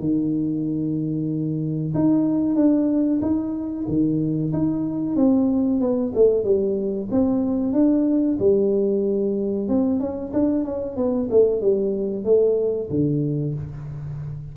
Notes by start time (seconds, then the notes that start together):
0.00 D#3
1.94 D#4
2.56 D4
3.22 D#4
3.88 D#3
4.53 D#4
5.16 C4
5.81 B3
6.15 A3
6.44 G3
7.11 C4
7.73 D4
8.39 G3
9.68 C4
10.00 C#4
10.33 D4
10.65 C#4
10.97 B3
11.31 A3
11.62 G3
12.24 A3
12.90 D3